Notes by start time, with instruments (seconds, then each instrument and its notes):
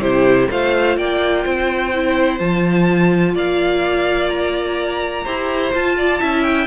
0.00 cello C3, viola E4, violin G4 C5
0.50 cello A3, viola F4, violin C5 F5
0.96 cello A#3, violin D5 G5
1.43 cello C4, violin C5
1.93 viola E4
2.38 cello F3, viola F4, violin A5
3.34 cello A#3, violin D5 F5
4.29 violin A#5
5.24 cello E4, viola G4, violin C5
5.74 cello F4, viola F4, violin A5
5.97 violin D5
6.20 cello C#4, viola E4, violin E5
6.43 violin G5